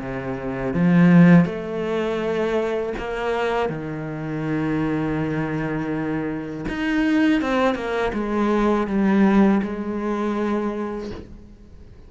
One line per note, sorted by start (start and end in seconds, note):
0.00 0.74 C3
0.74 1.45 F3
1.45 2.93 A3
2.98 3.69 A#3
3.69 6.65 D#3
6.68 7.41 D#4
7.41 7.75 C4
7.75 8.12 A#3
8.13 8.87 G#3
8.87 9.61 G3
9.63 11.11 G#3